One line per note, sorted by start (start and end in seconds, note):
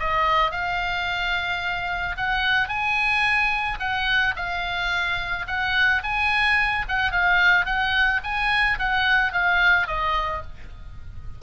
0.00 0.52 D#5
0.52 2.17 F5
2.17 2.69 F#5
2.69 3.79 G#5
3.80 4.35 F#5
4.37 5.47 F5
5.48 6.03 F#5
6.04 6.86 G#5
6.89 7.12 F#5
7.12 7.66 F5
7.66 8.21 F#5
8.24 8.79 G#5
8.79 9.33 F#5
9.33 9.88 F5
9.88 10.43 D#5